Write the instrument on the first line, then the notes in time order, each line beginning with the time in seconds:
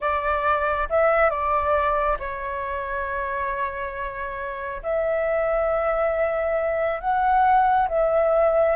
flute
0.00 D5
0.89 E5
1.30 D5
2.19 C#5
4.83 E5
7.00 F#5
7.88 E5